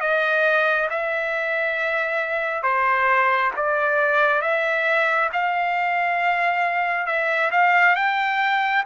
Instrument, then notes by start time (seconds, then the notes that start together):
trumpet
0.00 D#5
0.90 E5
2.63 C5
3.56 D5
4.41 E5
5.32 F5
7.06 E5
7.51 F5
7.95 G5